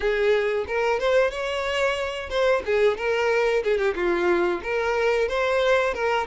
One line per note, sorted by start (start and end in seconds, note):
0.00 0.65 G#4
0.67 0.99 A#4
0.99 1.30 C5
1.30 2.29 C#5
2.29 2.62 C5
2.65 2.97 G#4
2.97 3.63 A#4
3.63 3.77 G#4
3.77 3.94 G4
3.95 4.61 F4
4.63 5.28 A#4
5.28 5.93 C5
5.93 6.26 A#4